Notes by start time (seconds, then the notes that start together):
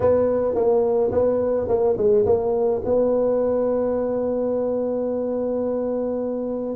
0.00 B3
0.54 A#3
1.11 B3
1.68 A#3
1.97 G#3
2.25 A#3
2.84 B3